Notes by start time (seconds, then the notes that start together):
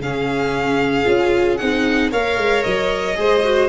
0.00 C#3 C#4 G#4 F5
1.05 C#4 F4
1.57 C4 D#4 F#5
2.11 A#3 A#4 C#5 F5
2.37 G#3
2.63 F#3 D#5
3.15 G#3 G#4 C5
3.44 F#4